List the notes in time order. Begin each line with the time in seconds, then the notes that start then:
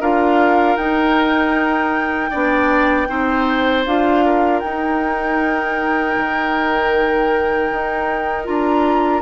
0.00 D4 F4 A#4 F5
0.76 D#4 G5
2.30 B3 D4 D5
3.07 C4 D#4 C5
3.85 D4 F4 F5
4.25 A#4
4.59 D#4 G5
6.17 D#3
7.71 D#4
8.45 D4 F4 A#5